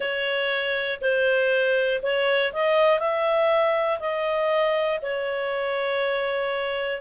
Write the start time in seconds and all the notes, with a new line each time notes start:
0.00 C#5
1.00 C5
2.02 C#5
2.52 D#5
2.99 E5
4.00 D#5
5.01 C#5